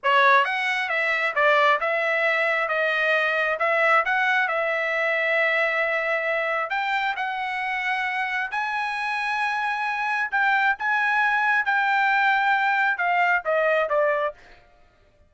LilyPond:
\new Staff \with { instrumentName = "trumpet" } { \time 4/4 \tempo 4 = 134 cis''4 fis''4 e''4 d''4 | e''2 dis''2 | e''4 fis''4 e''2~ | e''2. g''4 |
fis''2. gis''4~ | gis''2. g''4 | gis''2 g''2~ | g''4 f''4 dis''4 d''4 | }